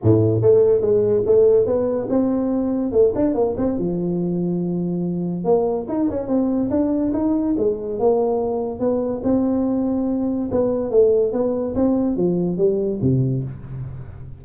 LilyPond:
\new Staff \with { instrumentName = "tuba" } { \time 4/4 \tempo 4 = 143 a,4 a4 gis4 a4 | b4 c'2 a8 d'8 | ais8 c'8 f2.~ | f4 ais4 dis'8 cis'8 c'4 |
d'4 dis'4 gis4 ais4~ | ais4 b4 c'2~ | c'4 b4 a4 b4 | c'4 f4 g4 c4 | }